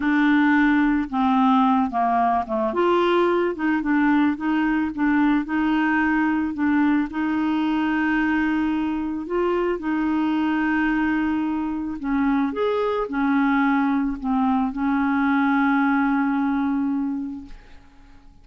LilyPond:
\new Staff \with { instrumentName = "clarinet" } { \time 4/4 \tempo 4 = 110 d'2 c'4. ais8~ | ais8 a8 f'4. dis'8 d'4 | dis'4 d'4 dis'2 | d'4 dis'2.~ |
dis'4 f'4 dis'2~ | dis'2 cis'4 gis'4 | cis'2 c'4 cis'4~ | cis'1 | }